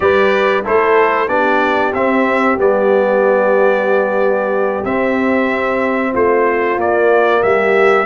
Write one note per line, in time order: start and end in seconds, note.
0.00 0.63 G3
0.00 0.63 G4
0.00 0.63 B4
0.00 0.64 D5
0.63 1.28 A3
0.63 1.28 E4
0.63 1.28 A4
0.63 1.28 C5
1.28 1.92 B3
1.28 1.92 D4
1.28 6.12 G4
1.28 1.93 D5
1.93 2.57 C4
1.93 2.58 C4
1.93 2.58 E5
2.57 4.83 G3
2.57 4.84 B3
2.57 4.84 D5
4.84 6.77 C4
4.84 6.13 C4
4.84 6.13 E5
6.12 6.77 A3
6.12 7.41 F4
6.12 6.79 C5
6.77 7.41 A#3
6.77 8.05 A#3
6.77 7.42 D5
7.42 8.05 G3
7.42 8.05 G4
7.42 8.05 E5